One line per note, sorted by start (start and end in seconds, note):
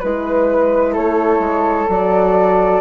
0.00 0.98 G#3
0.00 1.91 E4
0.00 0.94 B4
0.00 0.93 B4
0.93 1.40 A3
0.93 2.81 A4
0.93 1.90 C#5
1.40 1.87 G#3
1.89 2.81 F#3
1.89 2.81 F#4
1.89 2.81 D5